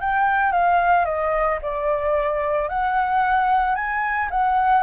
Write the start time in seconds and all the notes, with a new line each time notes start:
0.00 G5
0.52 F5
1.05 D#5
1.62 D5
2.69 F#5
3.75 G#5
4.30 F#5